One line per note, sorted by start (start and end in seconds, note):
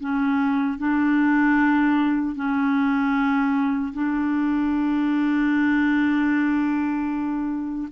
0.00 0.78 C#4
0.78 2.35 D4
2.35 3.93 C#4
3.93 7.88 D4